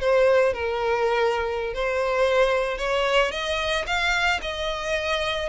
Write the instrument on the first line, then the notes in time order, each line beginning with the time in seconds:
violin
0.00 C5
0.53 A#4
1.74 C5
2.78 C#5
3.31 D#5
3.87 F5
4.42 D#5